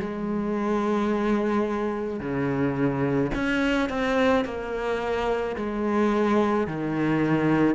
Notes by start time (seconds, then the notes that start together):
0.00 G#3
2.20 C#3
3.34 C#4
3.89 C4
4.45 A#3
5.56 G#3
6.67 D#3